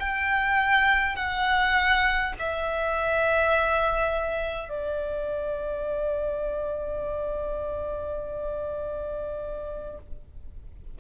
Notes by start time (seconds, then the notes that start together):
0.00 G5
1.16 F#5
2.39 E5
4.70 D5